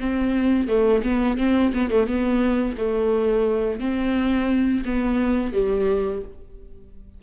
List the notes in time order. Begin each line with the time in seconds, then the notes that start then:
0.00 C4
0.68 A3
1.03 B3
1.38 C4
1.74 B3
1.90 A3
2.07 B3
2.78 A3
3.80 C4
4.85 B3
5.53 G3